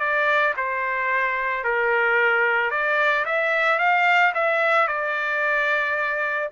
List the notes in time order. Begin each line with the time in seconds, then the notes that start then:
0.00 D5
0.57 C5
1.64 A#4
2.71 D5
3.26 E5
3.79 F5
4.34 E5
4.88 D5